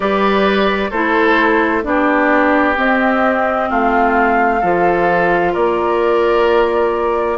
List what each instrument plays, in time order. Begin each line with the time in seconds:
0.00 bassoon G3, clarinet G4, oboe B4, flute D5
0.90 bassoon A3, clarinet E4, oboe A4, flute C5
1.82 bassoon B3, clarinet D4, oboe G4, flute D5
2.75 clarinet C4, bassoon C4, flute D#5
3.69 bassoon A3, oboe F4, flute F5
4.60 bassoon F3, clarinet F4, oboe A4
5.52 bassoon A#3, oboe A#4, flute D5